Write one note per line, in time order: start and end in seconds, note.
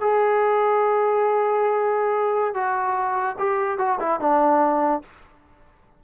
0.00 2.54 G#4
2.54 3.36 F#4
3.38 3.78 G4
3.78 3.99 F#4
4.00 4.20 E4
4.20 5.02 D4